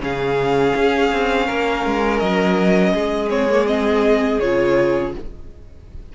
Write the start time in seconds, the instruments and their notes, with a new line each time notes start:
0.00 cello C#3, viola C#4, violin G#4 F5
0.76 cello C#4
1.12 cello C4
1.46 cello A#3, violin A#4
1.85 cello G#3
2.19 cello F#3, violin D#5
2.93 cello G#3, violin G#4
3.29 viola C4, violin C#5
3.50 viola A#3
3.66 viola C4, violin D#5
4.40 cello C#3, viola F4, violin C#5